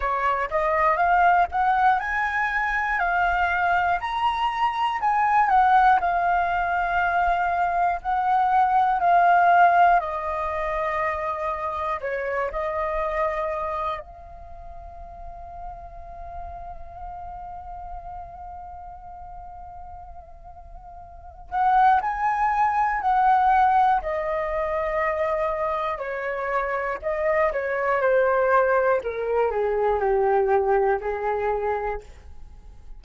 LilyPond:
\new Staff \with { instrumentName = "flute" } { \time 4/4 \tempo 4 = 60 cis''8 dis''8 f''8 fis''8 gis''4 f''4 | ais''4 gis''8 fis''8 f''2 | fis''4 f''4 dis''2 | cis''8 dis''4. f''2~ |
f''1~ | f''4. fis''8 gis''4 fis''4 | dis''2 cis''4 dis''8 cis''8 | c''4 ais'8 gis'8 g'4 gis'4 | }